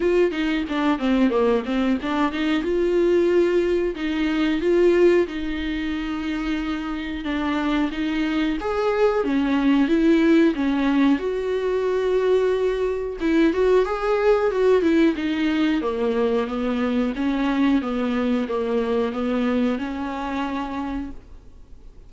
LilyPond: \new Staff \with { instrumentName = "viola" } { \time 4/4 \tempo 4 = 91 f'8 dis'8 d'8 c'8 ais8 c'8 d'8 dis'8 | f'2 dis'4 f'4 | dis'2. d'4 | dis'4 gis'4 cis'4 e'4 |
cis'4 fis'2. | e'8 fis'8 gis'4 fis'8 e'8 dis'4 | ais4 b4 cis'4 b4 | ais4 b4 cis'2 | }